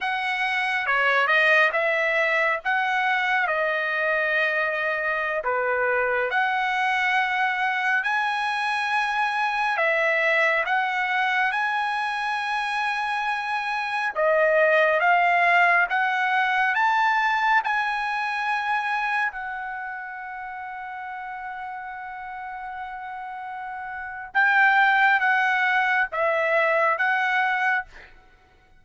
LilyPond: \new Staff \with { instrumentName = "trumpet" } { \time 4/4 \tempo 4 = 69 fis''4 cis''8 dis''8 e''4 fis''4 | dis''2~ dis''16 b'4 fis''8.~ | fis''4~ fis''16 gis''2 e''8.~ | e''16 fis''4 gis''2~ gis''8.~ |
gis''16 dis''4 f''4 fis''4 a''8.~ | a''16 gis''2 fis''4.~ fis''16~ | fis''1 | g''4 fis''4 e''4 fis''4 | }